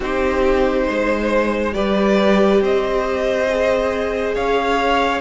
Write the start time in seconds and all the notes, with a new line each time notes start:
0.00 C4 D#4 G4 C5
0.87 G#3 C5
1.72 G3 G4 B4 D5
2.61 C4 C5 D#5
3.49 G#4
4.34 C#4 C#5 F5